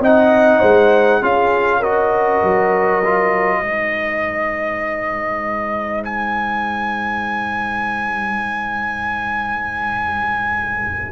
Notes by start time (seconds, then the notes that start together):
0.00 C4 D#4 D#5 F#5
0.59 G#3 C5
1.22 C#4 F4 G#4 F5
1.79 F#4 A#4 D#5
2.43 F#3
3.05 F4
3.59 G#3 D#4 C5
6.04 G#5